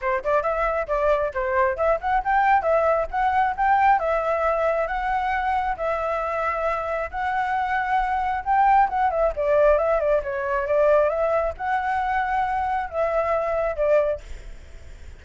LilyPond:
\new Staff \with { instrumentName = "flute" } { \time 4/4 \tempo 4 = 135 c''8 d''8 e''4 d''4 c''4 | e''8 fis''8 g''4 e''4 fis''4 | g''4 e''2 fis''4~ | fis''4 e''2. |
fis''2. g''4 | fis''8 e''8 d''4 e''8 d''8 cis''4 | d''4 e''4 fis''2~ | fis''4 e''2 d''4 | }